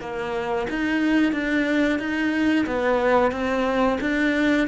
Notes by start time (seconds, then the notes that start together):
0.00 A#3
0.69 D#4
1.32 D4
1.98 D#4
2.66 B3
3.32 C4
4.00 D4